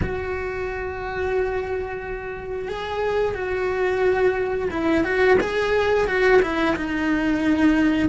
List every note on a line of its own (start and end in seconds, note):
0.02 2.68 F#4
2.68 3.34 G#4
3.34 4.69 F#4
4.70 5.03 E4
5.03 5.37 F#4
5.40 6.07 G#4
6.07 6.40 F#4
6.41 6.75 E4
6.75 8.09 D#4